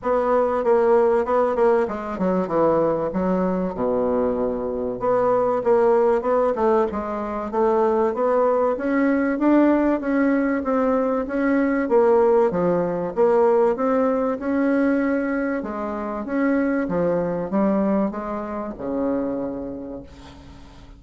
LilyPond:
\new Staff \with { instrumentName = "bassoon" } { \time 4/4 \tempo 4 = 96 b4 ais4 b8 ais8 gis8 fis8 | e4 fis4 b,2 | b4 ais4 b8 a8 gis4 | a4 b4 cis'4 d'4 |
cis'4 c'4 cis'4 ais4 | f4 ais4 c'4 cis'4~ | cis'4 gis4 cis'4 f4 | g4 gis4 cis2 | }